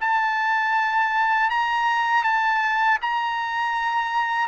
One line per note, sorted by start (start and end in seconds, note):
0.00 1.50 A5
1.50 2.23 A#5
2.23 2.98 A5
3.01 4.47 A#5